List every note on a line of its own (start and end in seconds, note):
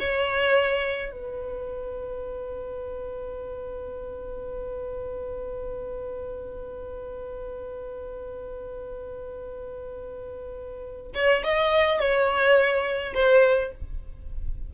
0.00 1.12 C#5
1.12 11.12 B4
11.15 11.43 C#5
11.44 12.00 D#5
12.00 13.14 C#5
13.15 13.72 C5